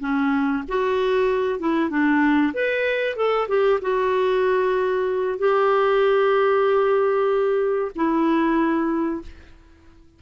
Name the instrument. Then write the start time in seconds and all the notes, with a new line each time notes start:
clarinet
0.00 C#4
0.68 F#4
1.59 E4
1.89 D4
2.53 B4
3.16 A4
3.48 G4
3.81 F#4
5.38 G4
7.95 E4